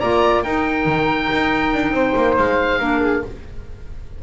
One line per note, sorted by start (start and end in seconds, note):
0.00 0.45 A#3
0.00 0.45 F4
0.00 0.43 D5
0.00 0.43 A#5
0.43 0.86 D#4
0.43 2.80 D#4
0.43 1.94 A#4
0.43 2.36 G5
0.86 1.29 D#3
1.33 1.74 D#4
1.74 1.92 D4
1.92 2.13 C4
1.92 2.79 C5
2.16 2.38 A#3
2.37 2.80 G#3
2.37 3.23 F5
2.79 3.23 A#3
2.79 3.23 D4
2.79 3.01 A#4
3.01 3.22 G#4